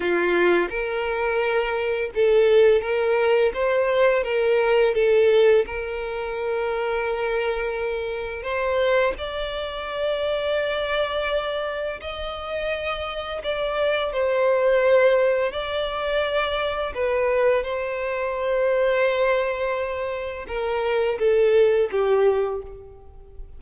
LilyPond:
\new Staff \with { instrumentName = "violin" } { \time 4/4 \tempo 4 = 85 f'4 ais'2 a'4 | ais'4 c''4 ais'4 a'4 | ais'1 | c''4 d''2.~ |
d''4 dis''2 d''4 | c''2 d''2 | b'4 c''2.~ | c''4 ais'4 a'4 g'4 | }